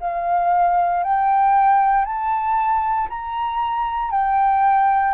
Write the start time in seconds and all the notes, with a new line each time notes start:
0.00 F5
1.03 G5
2.05 A5
3.09 A#5
4.11 G5